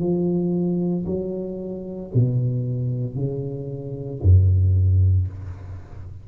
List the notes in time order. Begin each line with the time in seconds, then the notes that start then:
0.00 F3
1.06 F#3
2.15 B2
3.16 C#3
4.22 F#2